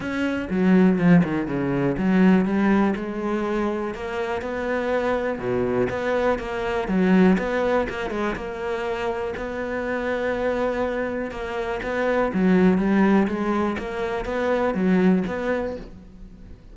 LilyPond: \new Staff \with { instrumentName = "cello" } { \time 4/4 \tempo 4 = 122 cis'4 fis4 f8 dis8 cis4 | fis4 g4 gis2 | ais4 b2 b,4 | b4 ais4 fis4 b4 |
ais8 gis8 ais2 b4~ | b2. ais4 | b4 fis4 g4 gis4 | ais4 b4 fis4 b4 | }